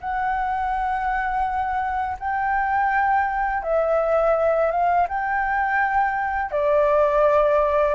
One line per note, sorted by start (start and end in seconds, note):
0.00 2.17 F#5
2.19 3.62 G5
3.62 4.71 E5
4.71 5.07 F5
5.08 6.51 G5
6.51 7.94 D5